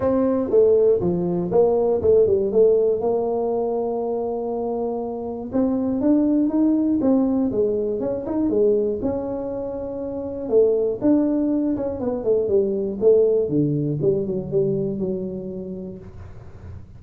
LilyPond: \new Staff \with { instrumentName = "tuba" } { \time 4/4 \tempo 4 = 120 c'4 a4 f4 ais4 | a8 g8 a4 ais2~ | ais2. c'4 | d'4 dis'4 c'4 gis4 |
cis'8 dis'8 gis4 cis'2~ | cis'4 a4 d'4. cis'8 | b8 a8 g4 a4 d4 | g8 fis8 g4 fis2 | }